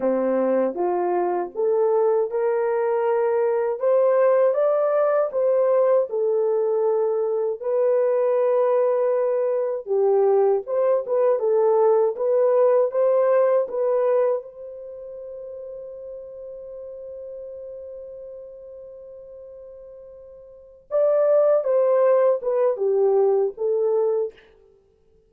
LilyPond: \new Staff \with { instrumentName = "horn" } { \time 4/4 \tempo 4 = 79 c'4 f'4 a'4 ais'4~ | ais'4 c''4 d''4 c''4 | a'2 b'2~ | b'4 g'4 c''8 b'8 a'4 |
b'4 c''4 b'4 c''4~ | c''1~ | c''2.~ c''8 d''8~ | d''8 c''4 b'8 g'4 a'4 | }